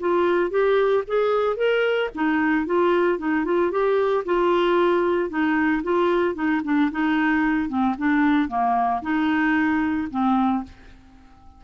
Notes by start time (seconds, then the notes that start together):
0.00 F4
0.50 G4
1.07 G#4
1.56 A#4
2.15 D#4
2.66 F4
3.19 D#4
3.45 F4
3.71 G4
4.25 F4
5.29 D#4
5.83 F4
6.35 D#4
6.64 D4
6.91 D#4
7.69 C4
7.98 D4
8.49 A#3
9.02 D#4
10.11 C4